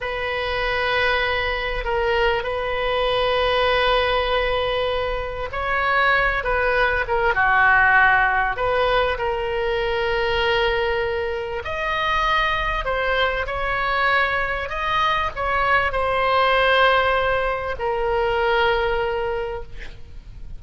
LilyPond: \new Staff \with { instrumentName = "oboe" } { \time 4/4 \tempo 4 = 98 b'2. ais'4 | b'1~ | b'4 cis''4. b'4 ais'8 | fis'2 b'4 ais'4~ |
ais'2. dis''4~ | dis''4 c''4 cis''2 | dis''4 cis''4 c''2~ | c''4 ais'2. | }